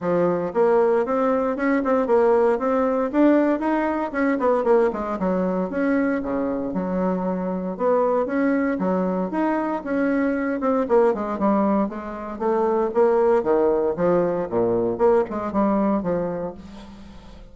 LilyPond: \new Staff \with { instrumentName = "bassoon" } { \time 4/4 \tempo 4 = 116 f4 ais4 c'4 cis'8 c'8 | ais4 c'4 d'4 dis'4 | cis'8 b8 ais8 gis8 fis4 cis'4 | cis4 fis2 b4 |
cis'4 fis4 dis'4 cis'4~ | cis'8 c'8 ais8 gis8 g4 gis4 | a4 ais4 dis4 f4 | ais,4 ais8 gis8 g4 f4 | }